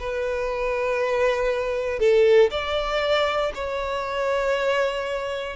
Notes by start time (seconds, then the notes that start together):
0.00 B4
2.00 A4
2.51 D5
3.55 C#5